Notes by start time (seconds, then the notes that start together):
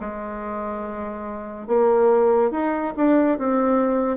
0.00 G#3
1.67 A#3
2.51 D#4
2.97 D4
3.38 C4